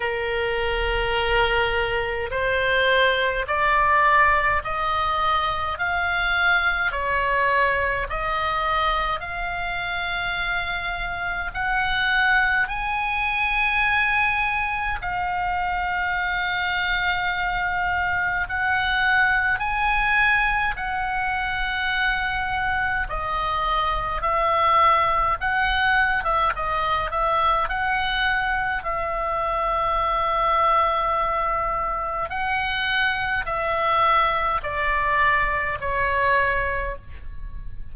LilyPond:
\new Staff \with { instrumentName = "oboe" } { \time 4/4 \tempo 4 = 52 ais'2 c''4 d''4 | dis''4 f''4 cis''4 dis''4 | f''2 fis''4 gis''4~ | gis''4 f''2. |
fis''4 gis''4 fis''2 | dis''4 e''4 fis''8. e''16 dis''8 e''8 | fis''4 e''2. | fis''4 e''4 d''4 cis''4 | }